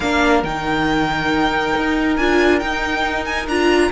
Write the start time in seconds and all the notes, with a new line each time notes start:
0.00 A#3 D4 A#4 F5
0.43 D#3 D#4 G5
1.76 D#4
2.16 D4 F4 G#5
2.59 D#4 G5
3.25 G#5
3.46 D4 F4 A#5